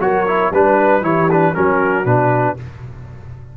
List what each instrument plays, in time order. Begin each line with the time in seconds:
0.00 tuba F#3, trombone F#4, horn A#4, trumpet C#5
0.28 trombone E4
0.52 tuba G3, trombone D4, horn B4, trumpet B4
1.02 tuba E3, trombone E4, horn G4, trumpet C#5
1.31 trombone D4, trumpet B4
1.54 tuba F#3, trombone C#4, horn F#4, trumpet A#4
2.06 tuba B2, trombone D4, trumpet B4